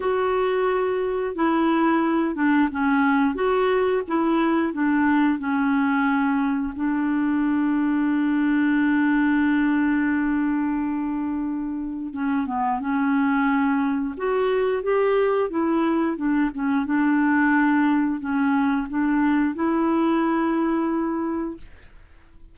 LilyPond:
\new Staff \with { instrumentName = "clarinet" } { \time 4/4 \tempo 4 = 89 fis'2 e'4. d'8 | cis'4 fis'4 e'4 d'4 | cis'2 d'2~ | d'1~ |
d'2 cis'8 b8 cis'4~ | cis'4 fis'4 g'4 e'4 | d'8 cis'8 d'2 cis'4 | d'4 e'2. | }